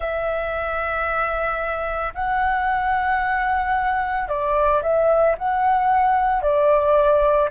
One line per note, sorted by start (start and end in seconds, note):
0.00 2.13 E5
2.14 4.28 F#5
4.28 4.82 D5
4.82 5.36 E5
5.38 6.42 F#5
6.42 7.49 D5